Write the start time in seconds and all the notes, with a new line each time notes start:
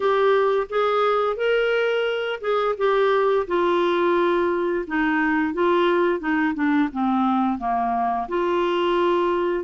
0.00 G4
0.69 G#4
1.36 A#4
2.40 G#4
2.77 G4
3.47 F4
4.87 D#4
5.53 F4
6.19 D#4
6.54 D4
6.92 C4
7.58 A#3
8.28 F4